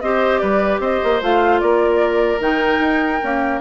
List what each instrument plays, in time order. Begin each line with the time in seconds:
0.00 bassoon C4, clarinet G4, oboe C5, flute D#5
0.38 bassoon G3, oboe B4, flute D5
0.79 bassoon C4, oboe C5, flute D#5
1.03 bassoon A#3
1.21 bassoon A3, clarinet F4, flute F5
1.59 bassoon A#3, oboe A#4, flute D5
2.39 bassoon D#3, clarinet D#4, flute G5
2.80 bassoon D#4
3.23 clarinet A#3, bassoon C#4